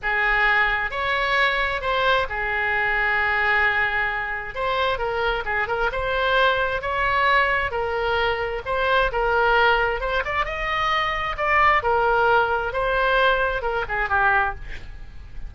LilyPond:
\new Staff \with { instrumentName = "oboe" } { \time 4/4 \tempo 4 = 132 gis'2 cis''2 | c''4 gis'2.~ | gis'2 c''4 ais'4 | gis'8 ais'8 c''2 cis''4~ |
cis''4 ais'2 c''4 | ais'2 c''8 d''8 dis''4~ | dis''4 d''4 ais'2 | c''2 ais'8 gis'8 g'4 | }